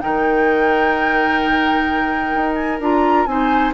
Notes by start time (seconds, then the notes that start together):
0.00 D#3 D#4 A#4 G5
2.34 D#4
2.55 G#5
2.80 D4 F4 A#5
3.25 C4 D#4 C5 G#5